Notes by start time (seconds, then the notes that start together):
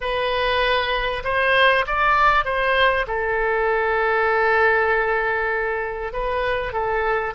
0.00 B4
1.24 C5
1.86 D5
2.44 C5
3.07 A4
6.12 B4
6.72 A4